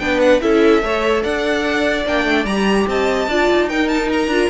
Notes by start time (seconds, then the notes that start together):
0.00 B3 D4 B4 G5
0.20 F#5
0.41 C#4 E4 A4 E5
0.82 A3 A4 C#5
1.24 D4 D5 F#5
2.06 A#3 D4 G5
2.25 A3
2.45 G3 G4 A#5
2.87 C4 D#5 A5
3.28 D4 F4 D5
3.52 D#4
3.70 D#4 A#4 G5
3.89 A5
4.13 A#5
4.28 D4 F4